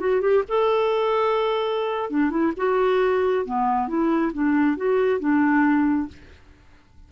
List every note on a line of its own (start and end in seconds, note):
0.00 0.22 F#4
0.22 0.44 G4
0.49 2.11 A4
2.11 2.31 D4
2.31 2.53 E4
2.57 3.46 F#4
3.46 3.88 B3
3.88 4.33 E4
4.34 4.77 D4
4.77 5.20 F#4
5.20 6.08 D4